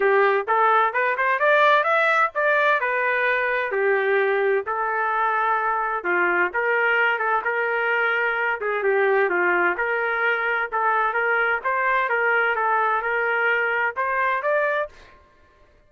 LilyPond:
\new Staff \with { instrumentName = "trumpet" } { \time 4/4 \tempo 4 = 129 g'4 a'4 b'8 c''8 d''4 | e''4 d''4 b'2 | g'2 a'2~ | a'4 f'4 ais'4. a'8 |
ais'2~ ais'8 gis'8 g'4 | f'4 ais'2 a'4 | ais'4 c''4 ais'4 a'4 | ais'2 c''4 d''4 | }